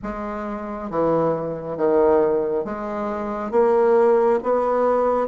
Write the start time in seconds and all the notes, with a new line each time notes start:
0.02 G#3
0.90 E3
1.76 D#3
2.64 G#3
3.51 A#3
4.43 B3